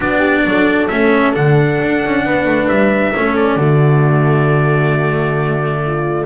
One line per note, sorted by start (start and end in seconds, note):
0.00 0.44 B3
0.00 0.88 D4
0.00 0.18 F#4
0.00 0.87 D5
0.18 0.41 G4
0.44 0.89 F#3
0.44 2.24 A4
0.87 1.35 A3
0.87 1.33 C#4
0.87 1.32 E5
1.33 1.80 D3
1.33 3.12 D4
1.33 2.68 F#5
1.81 2.04 D4
2.04 2.25 C#4
2.24 2.45 B3
2.24 3.14 B4
2.45 2.67 A3
2.68 3.14 G3
2.68 3.35 E5
3.15 3.55 A3
3.15 3.59 C#4
3.15 3.57 A4
3.36 6.26 D5
3.55 6.24 D3
3.55 6.26 A3
3.55 5.81 F#4
5.86 6.26 F4